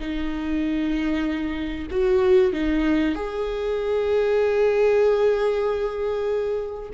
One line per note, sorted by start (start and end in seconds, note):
0.00 1.88 D#4
1.91 2.53 F#4
2.53 3.15 D#4
3.15 6.90 G#4